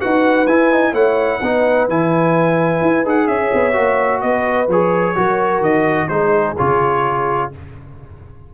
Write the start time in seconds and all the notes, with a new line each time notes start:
0.00 D#4 F#4 B4 F#5
0.46 E4 G#5
0.71 D#4
0.92 A3 E4 C#5 F#5
1.40 B3 D#4 B4
1.88 E3 E4 G#5
2.81 E4
3.04 D#4 G#4 F#5
3.27 C#4 C#5 E5
3.53 B3
3.72 A#3 F#4
4.20 B3 B4 D#5
4.68 F3 G#4 C#5
5.15 F#3 F#4 A#4
5.60 D#3 D#5
6.08 G#3 D#4 G#4 C5
6.57 C#3 F4 C#5